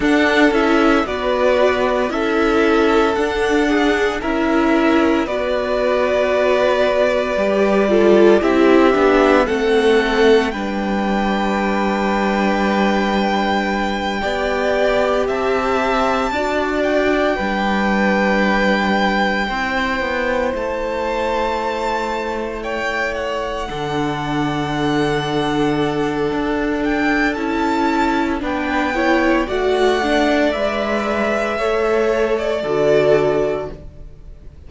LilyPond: <<
  \new Staff \with { instrumentName = "violin" } { \time 4/4 \tempo 4 = 57 fis''8 e''8 d''4 e''4 fis''4 | e''4 d''2. | e''4 fis''4 g''2~ | g''2~ g''8 a''4. |
g''2.~ g''8 a''8~ | a''4. g''8 fis''2~ | fis''4. g''8 a''4 g''4 | fis''4 e''4.~ e''16 d''4~ d''16 | }
  \new Staff \with { instrumentName = "violin" } { \time 4/4 a'4 b'4 a'4. gis'8 | ais'4 b'2~ b'8 a'8 | g'4 a'4 b'2~ | b'4. d''4 e''4 d''8~ |
d''8 b'2 c''4.~ | c''4. cis''4 a'4.~ | a'2. b'8 cis''8 | d''2 cis''4 a'4 | }
  \new Staff \with { instrumentName = "viola" } { \time 4/4 d'8 e'8 fis'4 e'4 d'4 | e'4 fis'2 g'8 f'8 | e'8 d'8 c'4 d'2~ | d'4. g'2 fis'8~ |
fis'8 d'2 e'4.~ | e'2~ e'8 d'4.~ | d'2 e'4 d'8 e'8 | fis'8 d'8 b'4 a'4 fis'4 | }
  \new Staff \with { instrumentName = "cello" } { \time 4/4 d'8 cis'8 b4 cis'4 d'4 | cis'4 b2 g4 | c'8 b8 a4 g2~ | g4. b4 c'4 d'8~ |
d'8 g2 c'8 b8 a8~ | a2~ a8 d4.~ | d4 d'4 cis'4 b4 | a4 gis4 a4 d4 | }
>>